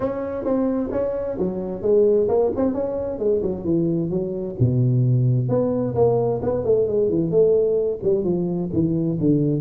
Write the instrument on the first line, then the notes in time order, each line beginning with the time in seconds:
tuba
0.00 C#4
0.44 C4
0.91 C#4
1.38 F#3
1.82 G#3
2.28 A#3
2.56 C4
2.73 C#4
3.18 G#3
3.42 F#3
3.64 E3
4.10 F#3
4.59 B2
5.48 B3
5.95 A#3
6.42 B3
6.64 A3
6.87 G#3
7.09 E3
7.30 A3
8.03 G3
8.24 F3
8.72 E3
9.20 D3